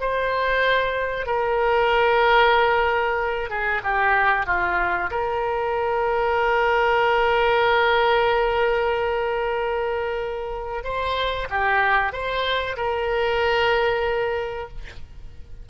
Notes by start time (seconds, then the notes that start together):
0.00 C5
1.26 A#4
3.50 G#4
3.83 G4
4.47 F4
5.11 A#4
10.84 C5
11.50 G4
12.13 C5
12.77 A#4